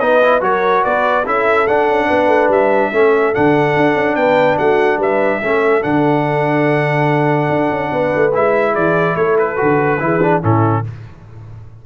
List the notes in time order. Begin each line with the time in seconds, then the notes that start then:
0.00 B3 D#4 B4 D#5
0.23 E4
0.41 F#3 F#4 A#4 C#5
0.84 B3 B4 D5
1.26 C#4 E4 A4 E5
1.68 D4 F#5
1.89 C#4
2.07 B3 B4
2.28 A3
2.49 G3 E5
2.93 A3 C#4 A4
3.34 D3 D4 F#5
3.77 D4
3.95 C#4
4.16 B3 B4 G5
4.58 A3 F#4 F#5
4.98 G3 B4 E5
5.43 A3 C#4 A4
5.83 D3 D4 F#5
7.50 D4
7.71 C#4
7.93 B3 B4
8.16 A3
8.34 G#3 E4 E5
8.73 E3 G#4 D5
9.16 A3 A4 C#5
9.39 B4
9.57 D3 F#4
10.00 E3 E4 G#4
10.23 D4
10.42 A2 C#4 E4 A4